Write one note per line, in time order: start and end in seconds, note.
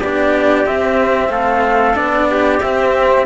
0.00 0.66 B3
0.00 0.66 D4
0.00 1.30 G4
0.00 0.67 D5
0.66 1.94 C4
0.66 1.30 C4
0.66 1.31 E5
1.30 1.95 A3
1.30 2.29 A4
1.30 1.96 F5
1.94 2.62 B3
1.94 2.60 D4
1.94 2.61 D5
2.31 3.27 G4
2.61 3.27 C4
2.61 3.26 E5